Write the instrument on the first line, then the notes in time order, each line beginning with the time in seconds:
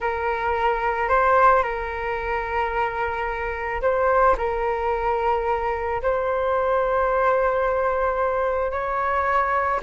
flute
0.00 A#4
1.08 C5
1.62 A#4
3.81 C5
4.37 A#4
6.02 C5
8.71 C#5